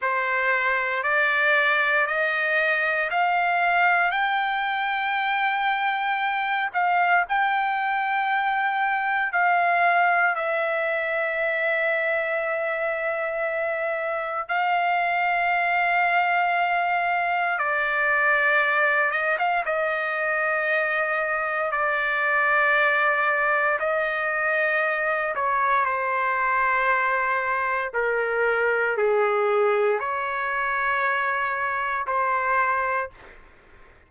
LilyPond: \new Staff \with { instrumentName = "trumpet" } { \time 4/4 \tempo 4 = 58 c''4 d''4 dis''4 f''4 | g''2~ g''8 f''8 g''4~ | g''4 f''4 e''2~ | e''2 f''2~ |
f''4 d''4. dis''16 f''16 dis''4~ | dis''4 d''2 dis''4~ | dis''8 cis''8 c''2 ais'4 | gis'4 cis''2 c''4 | }